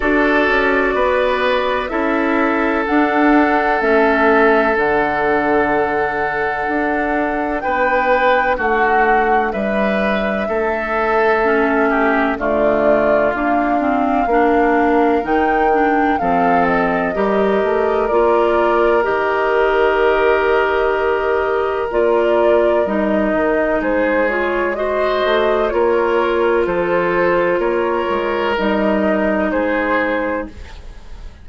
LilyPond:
<<
  \new Staff \with { instrumentName = "flute" } { \time 4/4 \tempo 4 = 63 d''2 e''4 fis''4 | e''4 fis''2. | g''4 fis''4 e''2~ | e''4 d''4 f''2 |
g''4 f''8 dis''4. d''4 | dis''2. d''4 | dis''4 c''8 cis''8 dis''4 cis''4 | c''4 cis''4 dis''4 c''4 | }
  \new Staff \with { instrumentName = "oboe" } { \time 4/4 a'4 b'4 a'2~ | a'1 | b'4 fis'4 b'4 a'4~ | a'8 g'8 f'2 ais'4~ |
ais'4 a'4 ais'2~ | ais'1~ | ais'4 gis'4 c''4 ais'4 | a'4 ais'2 gis'4 | }
  \new Staff \with { instrumentName = "clarinet" } { \time 4/4 fis'2 e'4 d'4 | cis'4 d'2.~ | d'1 | cis'4 a4 ais8 c'8 d'4 |
dis'8 d'8 c'4 g'4 f'4 | g'2. f'4 | dis'4. f'8 fis'4 f'4~ | f'2 dis'2 | }
  \new Staff \with { instrumentName = "bassoon" } { \time 4/4 d'8 cis'8 b4 cis'4 d'4 | a4 d2 d'4 | b4 a4 g4 a4~ | a4 d4 d'4 ais4 |
dis4 f4 g8 a8 ais4 | dis2. ais4 | g8 dis8 gis4. a8 ais4 | f4 ais8 gis8 g4 gis4 | }
>>